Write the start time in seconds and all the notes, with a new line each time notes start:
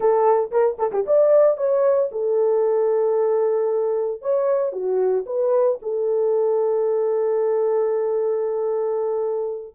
0.00 A4
0.51 A#4
0.78 A4
0.92 G4
1.06 D5
1.57 C#5
2.11 A4
4.21 C#5
4.72 F#4
5.26 B4
5.82 A4